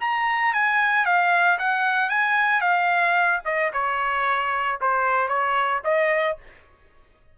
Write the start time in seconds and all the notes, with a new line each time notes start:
0.00 A#5
0.53 G#5
1.05 F5
1.58 F#5
2.09 G#5
2.61 F5
3.45 D#5
3.73 C#5
4.81 C5
5.28 C#5
5.84 D#5